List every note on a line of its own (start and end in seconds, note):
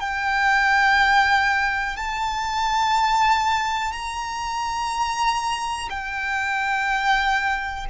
0.00 1.97 G5
1.97 3.92 A5
3.92 5.89 A#5
5.90 7.86 G5